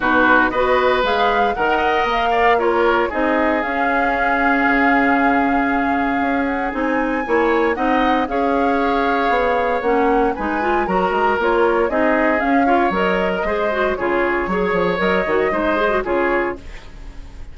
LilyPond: <<
  \new Staff \with { instrumentName = "flute" } { \time 4/4 \tempo 4 = 116 b'4 dis''4 f''4 fis''4 | f''4 cis''4 dis''4 f''4~ | f''1~ | f''8 fis''8 gis''2 fis''4 |
f''2. fis''4 | gis''4 ais''4 cis''4 dis''4 | f''4 dis''2 cis''4~ | cis''4 dis''2 cis''4 | }
  \new Staff \with { instrumentName = "oboe" } { \time 4/4 fis'4 b'2 ais'8 dis''8~ | dis''8 d''8 ais'4 gis'2~ | gis'1~ | gis'2 cis''4 dis''4 |
cis''1 | b'4 ais'2 gis'4~ | gis'8 cis''4~ cis''16 ais'16 c''4 gis'4 | cis''2 c''4 gis'4 | }
  \new Staff \with { instrumentName = "clarinet" } { \time 4/4 dis'4 fis'4 gis'4 ais'4~ | ais'4 f'4 dis'4 cis'4~ | cis'1~ | cis'4 dis'4 e'4 dis'4 |
gis'2. cis'4 | dis'8 f'8 fis'4 f'4 dis'4 | cis'8 f'8 ais'4 gis'8 fis'8 f'4 | gis'4 ais'8 fis'8 dis'8 gis'16 fis'16 f'4 | }
  \new Staff \with { instrumentName = "bassoon" } { \time 4/4 b,4 b4 gis4 dis4 | ais2 c'4 cis'4~ | cis'4 cis2. | cis'4 c'4 ais4 c'4 |
cis'2 b4 ais4 | gis4 fis8 gis8 ais4 c'4 | cis'4 fis4 gis4 cis4 | fis8 f8 fis8 dis8 gis4 cis4 | }
>>